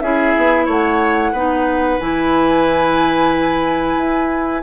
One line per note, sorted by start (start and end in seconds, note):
0.00 0.34 C#4
0.00 1.34 E4
0.00 0.66 G#4
0.00 0.66 E5
0.37 0.67 B3
0.66 1.33 A3
0.66 1.32 C#5
0.66 2.00 F#5
1.32 1.98 B3
1.32 2.00 D#4
1.32 4.62 B4
2.00 3.97 E3
2.00 4.63 E4
2.00 4.63 G#5
3.97 4.63 E4